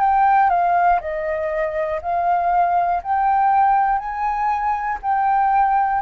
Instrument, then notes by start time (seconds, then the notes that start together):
flute
0.00 G5
0.50 F5
1.01 D#5
2.02 F5
3.03 G5
3.99 G#5
5.02 G5